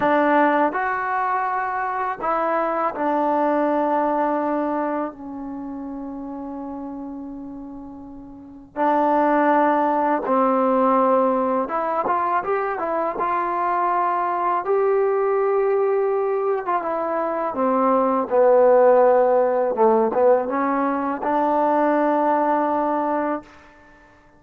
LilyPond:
\new Staff \with { instrumentName = "trombone" } { \time 4/4 \tempo 4 = 82 d'4 fis'2 e'4 | d'2. cis'4~ | cis'1 | d'2 c'2 |
e'8 f'8 g'8 e'8 f'2 | g'2~ g'8. f'16 e'4 | c'4 b2 a8 b8 | cis'4 d'2. | }